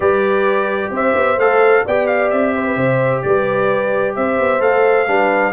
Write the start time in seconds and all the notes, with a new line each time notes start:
0.00 G3 G4 B4 D5
0.90 C4 C5 E5
1.14 B3
1.37 A3 A4 F5
1.85 B3 G4 D5 G5
2.06 F5
2.30 C4 E5
2.55 C5
2.66 B4
2.76 C3 C5
3.22 G3 B4 D5
4.15 C4 C5 E5
4.39 B3
4.60 A3 A4 F5
5.07 G3 D4 B4